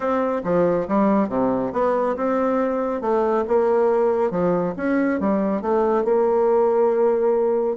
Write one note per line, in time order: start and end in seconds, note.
0.00 0.42 C4
0.44 0.87 F3
0.88 1.28 G3
1.28 1.71 C3
1.72 2.15 B3
2.16 3.01 C4
3.01 3.44 A3
3.47 4.30 A#3
4.30 4.74 F3
4.76 5.20 C#4
5.20 5.61 G3
5.61 6.04 A3
6.04 7.76 A#3